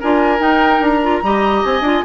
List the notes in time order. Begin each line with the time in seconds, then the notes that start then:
0.00 D4 F4 A#4 G#5
0.39 D#4 G5
0.80 D4 A#5
1.02 F4
1.23 G3 G4 D#5
1.65 C4 G#5
1.81 D4 F4